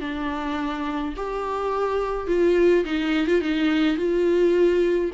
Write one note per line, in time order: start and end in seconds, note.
0.00 1.14 D4
1.17 2.28 G4
2.28 2.85 F4
2.85 3.27 D#4
3.27 3.41 F4
3.41 3.97 D#4
3.97 5.11 F4